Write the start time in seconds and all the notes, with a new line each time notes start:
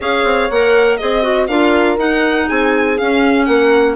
0.00 C#4 G#4 C#5 F5
0.24 C4
0.50 A#3 A#4 F#5
0.96 C4 G#4 D#5
1.22 F#4
1.47 D4 F4 A#4 F5
1.97 D#4 F#5
2.47 C4 G#4 G#5
2.97 C#4 F5
3.44 A#3 A#4 F#5